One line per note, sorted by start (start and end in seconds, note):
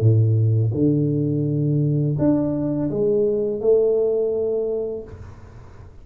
0.00 0.71 A2
0.74 2.17 D3
2.18 2.90 D4
2.90 3.60 G#3
3.60 5.03 A3